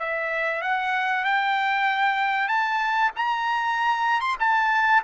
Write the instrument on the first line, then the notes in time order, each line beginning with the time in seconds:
trumpet
0.00 E5
0.62 F#5
1.25 G5
2.48 A5
3.16 A#5
4.21 C6
4.40 A5